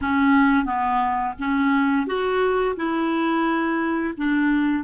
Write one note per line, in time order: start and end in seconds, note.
0.01 0.65 C#4
0.65 1.34 B3
1.38 2.06 C#4
2.06 2.75 F#4
2.76 4.14 E4
4.17 4.83 D4